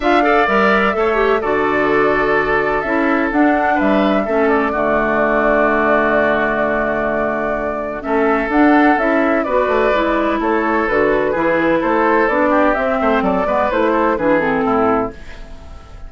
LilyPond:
<<
  \new Staff \with { instrumentName = "flute" } { \time 4/4 \tempo 4 = 127 f''4 e''2 d''4~ | d''2 e''4 fis''4 | e''4. d''2~ d''8~ | d''1~ |
d''4 e''4 fis''4 e''4 | d''2 cis''4 b'4~ | b'4 c''4 d''4 e''4 | d''4 c''4 b'8 a'4. | }
  \new Staff \with { instrumentName = "oboe" } { \time 4/4 e''8 d''4. cis''4 a'4~ | a'1 | b'4 a'4 fis'2~ | fis'1~ |
fis'4 a'2. | b'2 a'2 | gis'4 a'4. g'4 c''8 | a'8 b'4 a'8 gis'4 e'4 | }
  \new Staff \with { instrumentName = "clarinet" } { \time 4/4 f'8 a'8 ais'4 a'8 g'8 fis'4~ | fis'2 e'4 d'4~ | d'4 cis'4 a2~ | a1~ |
a4 cis'4 d'4 e'4 | fis'4 e'2 fis'4 | e'2 d'4 c'4~ | c'8 b8 e'4 d'8 c'4. | }
  \new Staff \with { instrumentName = "bassoon" } { \time 4/4 d'4 g4 a4 d4~ | d2 cis'4 d'4 | g4 a4 d2~ | d1~ |
d4 a4 d'4 cis'4 | b8 a8 gis4 a4 d4 | e4 a4 b4 c'8 a8 | fis8 gis8 a4 e4 a,4 | }
>>